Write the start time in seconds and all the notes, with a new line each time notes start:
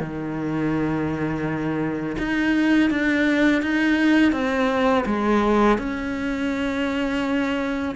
0.00 D#3
2.19 D#4
2.90 D4
3.62 D#4
4.32 C4
5.06 G#3
5.78 C#4